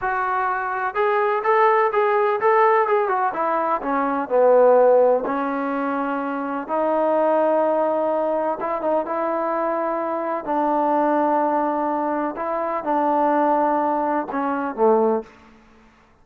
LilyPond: \new Staff \with { instrumentName = "trombone" } { \time 4/4 \tempo 4 = 126 fis'2 gis'4 a'4 | gis'4 a'4 gis'8 fis'8 e'4 | cis'4 b2 cis'4~ | cis'2 dis'2~ |
dis'2 e'8 dis'8 e'4~ | e'2 d'2~ | d'2 e'4 d'4~ | d'2 cis'4 a4 | }